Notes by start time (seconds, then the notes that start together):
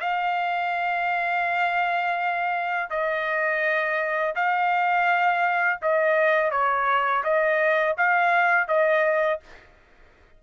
0.00 F5
2.90 D#5
4.35 F5
5.81 D#5
6.51 C#5
7.24 D#5
7.97 F5
8.68 D#5